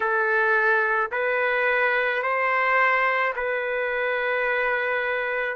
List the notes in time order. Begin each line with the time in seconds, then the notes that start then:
0.00 A4
1.11 B4
2.22 C5
3.35 B4